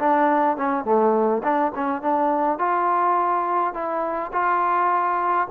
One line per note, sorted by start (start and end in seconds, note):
0.00 0.57 D4
0.57 0.85 C#4
0.85 1.43 A3
1.44 1.73 D4
1.75 2.02 C#4
2.02 2.59 D4
2.59 3.74 F4
3.74 4.32 E4
4.33 5.48 F4